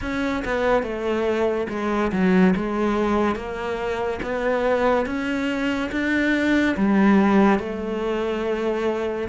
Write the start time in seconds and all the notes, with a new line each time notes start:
0.01 C#4
0.45 B3
0.82 A3
1.69 G#3
2.12 F#3
2.56 G#3
3.35 A#3
4.22 B3
5.06 C#4
5.91 D4
6.76 G3
7.59 A3